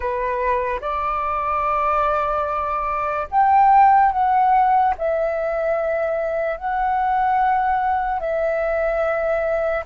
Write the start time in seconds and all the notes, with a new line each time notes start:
0.00 B4
0.80 D5
3.31 G5
4.12 F#5
4.98 E5
6.57 F#5
8.20 E5